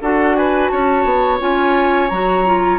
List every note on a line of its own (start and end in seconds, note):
0.00 0.70 D4
0.00 1.39 F#4
0.00 0.36 A4
0.00 0.36 F#5
0.36 0.71 B4
0.36 0.68 G#5
0.68 1.05 C#4
0.68 2.78 C#5
0.68 1.38 A5
1.05 1.39 B3
1.39 2.11 C#4
1.39 2.09 F4
1.39 2.09 G#5
2.09 2.78 F#3
2.09 2.45 F#4
2.09 2.78 A#5
2.45 2.78 F4